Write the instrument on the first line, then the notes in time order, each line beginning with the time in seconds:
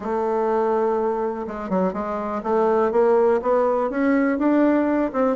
bassoon
0.00 A3
1.47 G#3
1.69 F#3
1.93 G#3
2.43 A3
2.91 A#3
3.41 B3
3.90 C#4
4.38 D4
5.12 C4